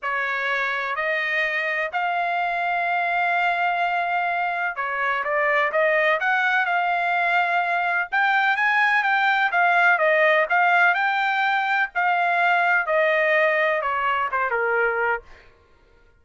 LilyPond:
\new Staff \with { instrumentName = "trumpet" } { \time 4/4 \tempo 4 = 126 cis''2 dis''2 | f''1~ | f''2 cis''4 d''4 | dis''4 fis''4 f''2~ |
f''4 g''4 gis''4 g''4 | f''4 dis''4 f''4 g''4~ | g''4 f''2 dis''4~ | dis''4 cis''4 c''8 ais'4. | }